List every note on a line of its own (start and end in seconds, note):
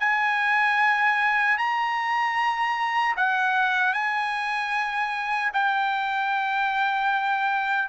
0.00 1.58 G#5
1.58 3.16 A#5
3.17 3.94 F#5
3.94 5.52 G#5
5.54 7.89 G5